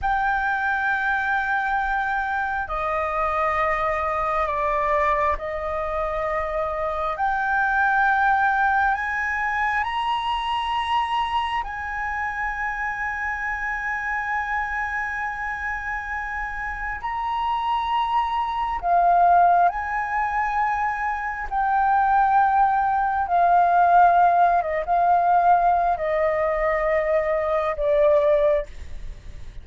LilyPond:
\new Staff \with { instrumentName = "flute" } { \time 4/4 \tempo 4 = 67 g''2. dis''4~ | dis''4 d''4 dis''2 | g''2 gis''4 ais''4~ | ais''4 gis''2.~ |
gis''2. ais''4~ | ais''4 f''4 gis''2 | g''2 f''4. dis''16 f''16~ | f''4 dis''2 d''4 | }